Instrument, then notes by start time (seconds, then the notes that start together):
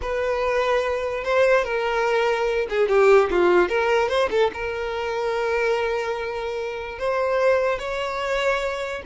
violin
0.01 B4
1.24 C5
1.64 A#4
2.69 G#4
2.88 G4
3.30 F4
3.68 A#4
4.08 C5
4.30 A4
4.53 A#4
6.98 C5
7.79 C#5